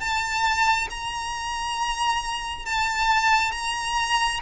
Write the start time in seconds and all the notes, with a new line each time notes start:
0.00 A5
0.90 A#5
2.66 A5
3.52 A#5